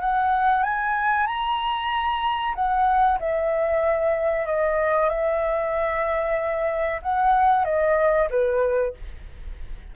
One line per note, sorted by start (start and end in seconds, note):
0.00 0.63 F#5
0.63 1.26 G#5
1.26 2.54 A#5
2.55 3.19 F#5
3.19 4.46 E5
4.46 5.09 D#5
5.09 7.01 E5
7.02 7.65 F#5
7.65 8.29 D#5
8.30 8.94 B4